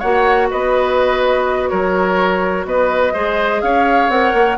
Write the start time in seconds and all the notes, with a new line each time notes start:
0.00 A#3 F#4 C#5 F#5
0.51 B3 B4 D#5
1.69 F#3 A#4 C#5
2.66 B3 B4 D#5
3.14 G#3 G#4 C5
3.62 C#4 C#5 F5
4.09 C4 A#4 F#5
4.34 A#3